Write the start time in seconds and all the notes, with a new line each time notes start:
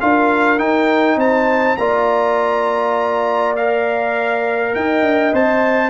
0.00 D4 F4 A#4 F5
0.58 D#4 G5
1.16 C4 C5 A5
1.77 A#3 F4 D5 A#5
3.56 A#4 F5
4.74 D#4 D#5 G5
5.02 D4
5.33 C4 C5 A5